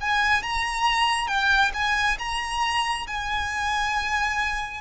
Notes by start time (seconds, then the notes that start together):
0.00 G#5
0.42 A#5
1.27 G5
1.73 G#5
2.18 A#5
3.07 G#5